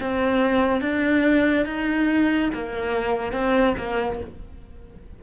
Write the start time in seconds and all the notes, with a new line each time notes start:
0.00 C4
0.81 D4
1.65 D#4
2.53 A#3
3.32 C4
3.77 A#3